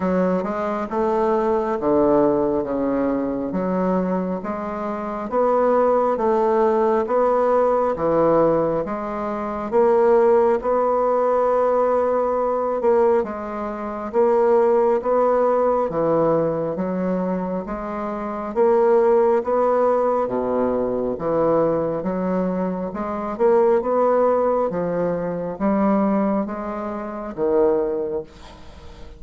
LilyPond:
\new Staff \with { instrumentName = "bassoon" } { \time 4/4 \tempo 4 = 68 fis8 gis8 a4 d4 cis4 | fis4 gis4 b4 a4 | b4 e4 gis4 ais4 | b2~ b8 ais8 gis4 |
ais4 b4 e4 fis4 | gis4 ais4 b4 b,4 | e4 fis4 gis8 ais8 b4 | f4 g4 gis4 dis4 | }